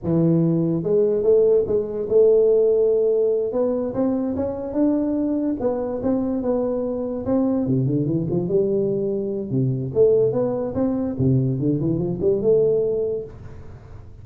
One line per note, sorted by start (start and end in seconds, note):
0.03 0.83 E3
0.83 1.23 G#3
1.23 1.64 A3
1.67 2.08 G#3
2.08 3.52 A3
3.52 3.93 B3
3.94 4.35 C4
4.36 4.73 C#4
4.73 5.56 D4
5.60 6.01 B3
6.02 6.42 C4
6.42 7.25 B3
7.25 7.66 C4
7.66 7.86 C3
7.86 8.06 D3
8.06 8.26 E3
8.30 8.48 F3
8.48 9.50 G3
9.50 9.91 C3
9.94 10.32 A3
10.32 10.74 B3
10.74 11.15 C4
11.18 11.59 C3
11.59 11.79 D3
11.80 11.98 E3
11.98 12.19 F3
12.21 12.41 G3
12.41 13.24 A3